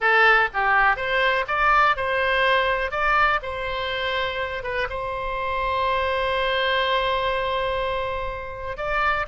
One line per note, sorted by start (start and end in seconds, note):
0.00 0.49 A4
0.53 0.96 G4
0.96 1.45 C5
1.47 1.96 D5
1.96 2.91 C5
2.91 3.40 D5
3.42 4.63 C5
4.63 4.87 B4
4.89 8.77 C5
8.77 9.26 D5